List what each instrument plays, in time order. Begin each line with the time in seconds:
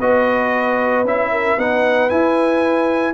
0.00 tuba B3, trombone F#4, horn B4, trumpet D#5
1.04 tuba C#4, trombone E4, trumpet E5
1.31 horn A#4
1.57 tuba B3, trombone D#4, horn B4, trumpet F#5
2.09 trombone E4, tuba E4, trumpet G#5